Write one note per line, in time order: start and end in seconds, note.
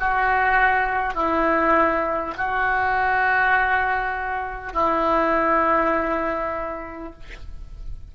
0.00 1.15 F#4
1.15 2.35 E4
2.38 4.73 F#4
4.73 7.13 E4